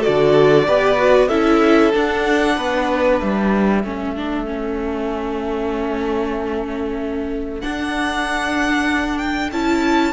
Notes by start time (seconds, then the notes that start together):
0.00 F#4 A4 D5
0.07 D3
0.67 B3 G4 B4
0.97 F#4
1.28 C#4 E4 A4 E5
1.93 D4 F#5
2.56 B3 B4
3.20 G3 E5
3.82 A3 C#4 A4
4.16 D4
4.46 C#4
7.61 D4 F#5
9.18 G5
9.52 C#4 E4 A5